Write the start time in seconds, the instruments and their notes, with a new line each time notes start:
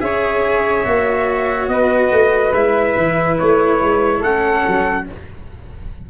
0.00 tuba C#4, cello G#4, flute C#5, trumpet E5
0.85 tuba A#3, cello F#4
1.68 tuba B3, flute B4, trumpet D#5
2.11 tuba A3
2.52 tuba G#3, cello E4, trumpet E5
2.97 tuba E3
3.39 tuba A3, trumpet C#5
3.81 tuba G#3
4.20 tuba A3, cello C#4, flute A4, trumpet F#5
4.68 tuba F#3